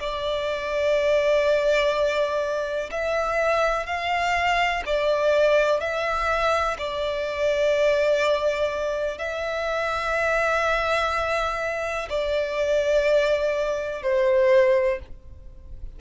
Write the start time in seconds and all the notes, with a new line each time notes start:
0.00 D5
2.91 E5
3.86 F5
4.86 D5
5.80 E5
6.78 D5
9.18 E5
12.09 D5
14.02 C5